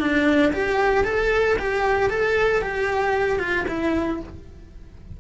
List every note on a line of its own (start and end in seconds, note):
0.00 0.52 D4
0.53 1.05 G4
1.05 1.57 A4
1.59 2.10 G4
2.10 2.62 A4
2.62 3.39 G4
3.39 3.65 F4
3.68 4.20 E4